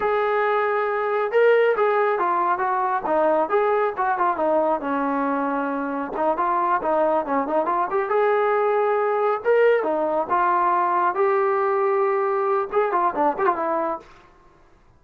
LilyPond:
\new Staff \with { instrumentName = "trombone" } { \time 4/4 \tempo 4 = 137 gis'2. ais'4 | gis'4 f'4 fis'4 dis'4 | gis'4 fis'8 f'8 dis'4 cis'4~ | cis'2 dis'8 f'4 dis'8~ |
dis'8 cis'8 dis'8 f'8 g'8 gis'4.~ | gis'4. ais'4 dis'4 f'8~ | f'4. g'2~ g'8~ | g'4 gis'8 f'8 d'8 g'16 f'16 e'4 | }